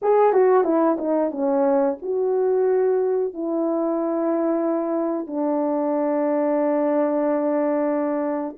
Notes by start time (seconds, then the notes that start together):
0.02 G#4
0.33 F#4
0.64 E4
0.98 D#4
1.31 C#4
2.02 F#4
3.33 E4
5.26 D4